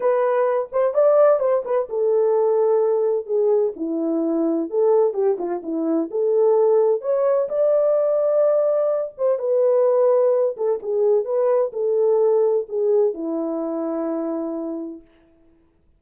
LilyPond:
\new Staff \with { instrumentName = "horn" } { \time 4/4 \tempo 4 = 128 b'4. c''8 d''4 c''8 b'8 | a'2. gis'4 | e'2 a'4 g'8 f'8 | e'4 a'2 cis''4 |
d''2.~ d''8 c''8 | b'2~ b'8 a'8 gis'4 | b'4 a'2 gis'4 | e'1 | }